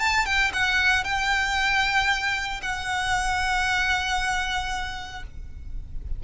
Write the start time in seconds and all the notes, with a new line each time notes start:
0.00 A5
0.26 G5
0.54 F#5
1.04 G5
2.63 F#5